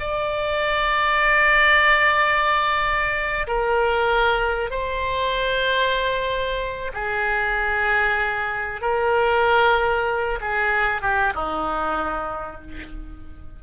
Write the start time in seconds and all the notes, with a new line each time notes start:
0.00 D5
3.48 A#4
4.71 C5
6.94 G#4
8.81 A#4
10.41 G#4
11.02 G4
11.35 D#4